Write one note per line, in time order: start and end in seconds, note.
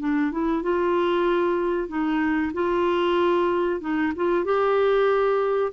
0.00 0.32 D4
0.32 0.63 E4
0.63 1.88 F4
1.88 2.52 D#4
2.53 3.81 F4
3.81 4.13 D#4
4.16 4.44 F4
4.44 5.72 G4